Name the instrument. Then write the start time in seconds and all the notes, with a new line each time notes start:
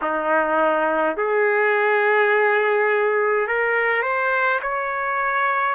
trumpet
0.01 D#4
1.16 G#4
3.47 A#4
4.02 C5
4.62 C#5